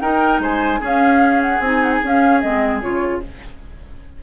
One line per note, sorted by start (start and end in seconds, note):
0.00 0.39 D#4
0.00 0.80 D#4
0.00 0.42 A#4
0.00 0.40 G5
0.39 0.79 G#3
0.39 0.80 C5
0.39 0.83 G#5
0.80 1.61 C#4
0.80 1.60 C#4
0.80 3.22 G#4
0.80 1.42 F5
1.42 1.62 F#5
1.60 2.00 C4
1.60 2.03 D#4
1.60 1.83 G#5
1.83 1.92 F#5
1.92 2.02 G#5
2.03 2.42 C#4
2.03 2.43 C#4
2.03 2.41 F5
2.41 2.83 G#3
2.41 2.82 C4
2.41 2.81 D#5
2.82 3.23 C#3
2.82 3.22 F4
2.82 3.22 C#5